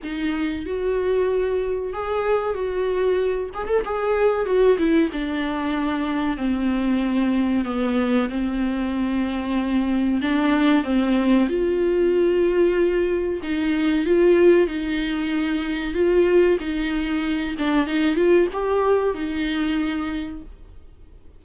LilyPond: \new Staff \with { instrumentName = "viola" } { \time 4/4 \tempo 4 = 94 dis'4 fis'2 gis'4 | fis'4. gis'16 a'16 gis'4 fis'8 e'8 | d'2 c'2 | b4 c'2. |
d'4 c'4 f'2~ | f'4 dis'4 f'4 dis'4~ | dis'4 f'4 dis'4. d'8 | dis'8 f'8 g'4 dis'2 | }